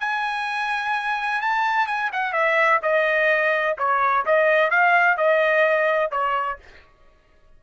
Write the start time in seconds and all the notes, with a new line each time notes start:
0.00 G#5
1.41 A5
1.87 G#5
2.12 F#5
2.33 E5
2.82 D#5
3.78 C#5
4.26 D#5
4.70 F5
5.17 D#5
6.11 C#5